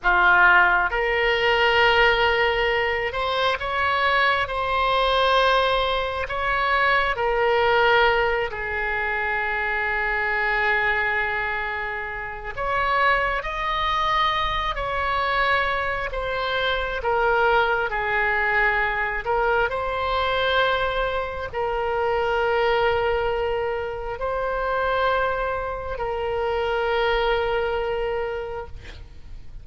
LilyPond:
\new Staff \with { instrumentName = "oboe" } { \time 4/4 \tempo 4 = 67 f'4 ais'2~ ais'8 c''8 | cis''4 c''2 cis''4 | ais'4. gis'2~ gis'8~ | gis'2 cis''4 dis''4~ |
dis''8 cis''4. c''4 ais'4 | gis'4. ais'8 c''2 | ais'2. c''4~ | c''4 ais'2. | }